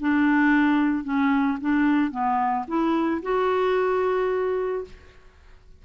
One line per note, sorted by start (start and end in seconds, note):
0.00 1.04 D4
1.04 1.58 C#4
1.61 2.11 D4
2.11 2.65 B3
2.68 3.22 E4
3.22 4.84 F#4